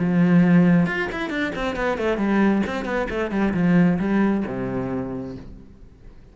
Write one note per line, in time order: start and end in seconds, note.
0.00 0.87 F3
0.87 1.09 F4
1.12 1.30 E4
1.30 1.53 D4
1.56 1.76 C4
1.76 1.98 B3
1.98 2.18 A3
2.18 2.63 G3
2.67 2.85 C4
2.85 3.08 B3
3.10 3.31 A3
3.31 3.54 G3
3.54 3.99 F3
4.00 4.44 G3
4.47 5.37 C3